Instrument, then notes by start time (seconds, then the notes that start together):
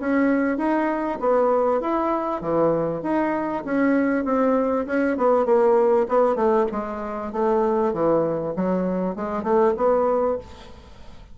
bassoon
0.00 C#4
0.58 D#4
1.20 B3
1.81 E4
2.42 E3
3.03 D#4
3.65 C#4
4.25 C4
4.87 C#4
5.17 B3
5.46 A#3
6.08 B3
6.36 A3
6.72 G#3
7.32 A3
7.93 E3
8.56 F#3
9.16 G#3
9.43 A3
9.77 B3